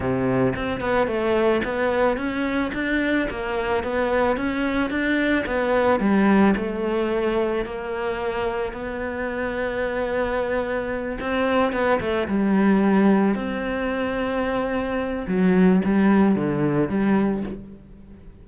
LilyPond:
\new Staff \with { instrumentName = "cello" } { \time 4/4 \tempo 4 = 110 c4 c'8 b8 a4 b4 | cis'4 d'4 ais4 b4 | cis'4 d'4 b4 g4 | a2 ais2 |
b1~ | b8 c'4 b8 a8 g4.~ | g8 c'2.~ c'8 | fis4 g4 d4 g4 | }